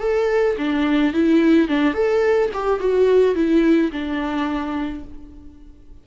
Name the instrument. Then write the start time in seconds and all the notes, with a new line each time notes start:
viola
0.00 A4
0.58 D4
1.13 E4
1.68 D4
1.94 A4
2.53 G4
2.80 F#4
3.35 E4
3.92 D4